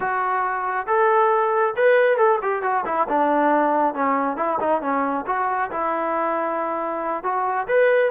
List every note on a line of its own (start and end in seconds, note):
0.00 0.86 F#4
0.86 1.74 A4
1.76 2.17 B4
2.17 2.39 A4
2.41 2.62 G4
2.62 2.84 F#4
2.85 3.07 E4
3.08 3.94 D4
3.94 4.37 C#4
4.37 4.58 E4
4.60 4.81 D#4
4.81 5.25 C#4
5.26 5.70 F#4
5.71 7.23 E4
7.23 7.67 F#4
7.67 8.11 B4